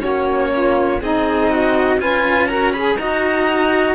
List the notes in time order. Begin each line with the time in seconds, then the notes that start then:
0.00 A#3 C#4 F#4 C#5
0.53 F4
1.01 C4 D#4 G#4 D#5
1.50 F#4
1.97 C#4 F4 B4 G#5
2.47 F#4 A#4 A#5
2.73 G#4 B5
2.95 D#4 F#4 D#5 A#5